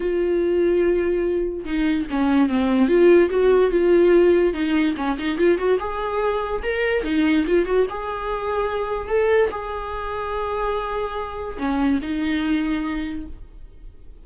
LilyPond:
\new Staff \with { instrumentName = "viola" } { \time 4/4 \tempo 4 = 145 f'1 | dis'4 cis'4 c'4 f'4 | fis'4 f'2 dis'4 | cis'8 dis'8 f'8 fis'8 gis'2 |
ais'4 dis'4 f'8 fis'8 gis'4~ | gis'2 a'4 gis'4~ | gis'1 | cis'4 dis'2. | }